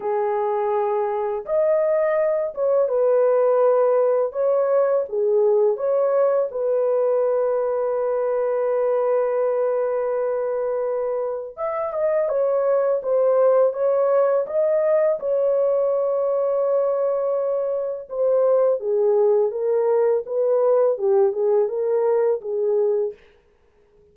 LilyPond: \new Staff \with { instrumentName = "horn" } { \time 4/4 \tempo 4 = 83 gis'2 dis''4. cis''8 | b'2 cis''4 gis'4 | cis''4 b'2.~ | b'1 |
e''8 dis''8 cis''4 c''4 cis''4 | dis''4 cis''2.~ | cis''4 c''4 gis'4 ais'4 | b'4 g'8 gis'8 ais'4 gis'4 | }